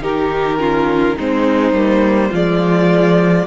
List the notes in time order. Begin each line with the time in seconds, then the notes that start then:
0.00 D#3 D#4 G4 A#4
0.59 C#4 F4
1.16 G#3 C4 D#4 C5
1.72 G3 A#3
2.30 F3 G#3 F4 D5